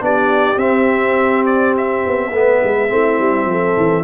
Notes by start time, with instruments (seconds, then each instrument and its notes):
0.00 tuba B3, trombone D4, horn G4, trumpet D5
0.56 tuba C4, trombone C4, trumpet E5
1.46 trumpet D5
1.77 trumpet E5
2.06 tuba B3
2.31 tuba A3, trombone B3, horn B4
2.63 tuba G#3
2.89 tuba A3, trombone C4, horn E4
3.19 tuba G3
3.45 tuba F3, horn A4
3.77 tuba E3